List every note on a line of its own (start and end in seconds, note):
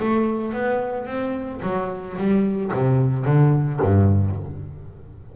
0.00 0.54 A3
0.54 1.07 B3
1.07 1.61 C4
1.63 2.17 F#3
2.18 2.72 G3
2.73 3.26 C3
3.26 3.80 D3
3.82 4.37 G2